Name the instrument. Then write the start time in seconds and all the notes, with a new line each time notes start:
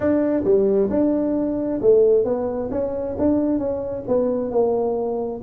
tuba
0.00 D4
0.44 G3
0.90 D4
1.81 A3
2.24 B3
2.71 C#4
3.18 D4
3.58 C#4
4.07 B3
4.51 A#3